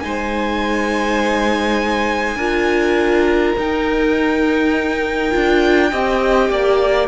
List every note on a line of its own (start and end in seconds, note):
0.00 2.36 G#3
0.00 2.38 D#4
0.00 2.37 C5
0.00 3.53 G#5
2.36 3.53 D4
2.36 3.57 F4
2.36 5.90 A#4
3.58 5.34 D#4
3.58 5.31 D#4
3.58 7.08 G5
5.31 5.93 D4
5.31 5.90 F4
5.91 6.50 C4
5.91 7.08 G4
5.91 6.50 D#5
6.50 7.08 A#3
6.50 7.08 D5